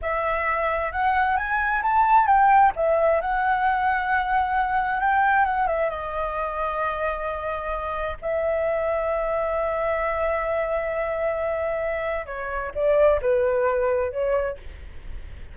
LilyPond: \new Staff \with { instrumentName = "flute" } { \time 4/4 \tempo 4 = 132 e''2 fis''4 gis''4 | a''4 g''4 e''4 fis''4~ | fis''2. g''4 | fis''8 e''8 dis''2.~ |
dis''2 e''2~ | e''1~ | e''2. cis''4 | d''4 b'2 cis''4 | }